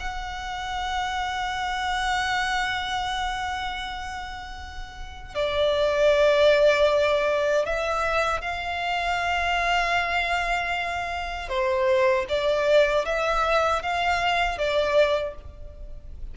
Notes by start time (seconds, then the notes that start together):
0.00 F#5
5.35 D5
7.66 E5
8.42 F5
11.49 C5
12.29 D5
13.06 E5
13.83 F5
14.58 D5